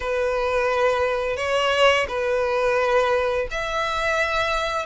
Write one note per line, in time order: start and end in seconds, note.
0.00 1.36 B4
1.36 2.06 C#5
2.08 3.47 B4
3.50 4.85 E5